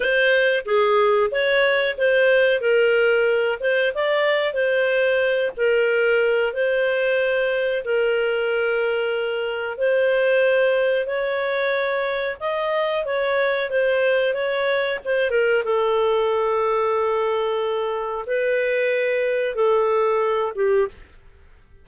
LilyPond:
\new Staff \with { instrumentName = "clarinet" } { \time 4/4 \tempo 4 = 92 c''4 gis'4 cis''4 c''4 | ais'4. c''8 d''4 c''4~ | c''8 ais'4. c''2 | ais'2. c''4~ |
c''4 cis''2 dis''4 | cis''4 c''4 cis''4 c''8 ais'8 | a'1 | b'2 a'4. g'8 | }